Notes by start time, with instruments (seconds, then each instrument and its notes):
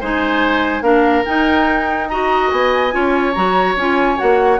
0.00 bassoon G#3, clarinet D#4, oboe C5, flute G#5
0.81 bassoon A#3, clarinet D4, oboe A#4, flute F5
1.25 clarinet D#4, bassoon D#4, flute G5
2.08 clarinet F#4, oboe D#5, flute A#5
2.50 bassoon B3, flute G#5
2.91 bassoon C#4, clarinet F4, oboe C#5
3.33 bassoon F#3, clarinet F#4, flute A#5
3.76 bassoon C#4, clarinet F4, flute G#5
4.17 bassoon A#3, clarinet F#4, flute F#5